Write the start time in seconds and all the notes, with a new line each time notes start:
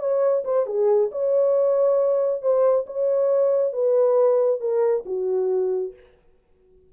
0.00 C#5
0.45 C5
0.67 G#4
1.12 C#5
2.42 C5
2.87 C#5
3.73 B4
4.60 A#4
5.06 F#4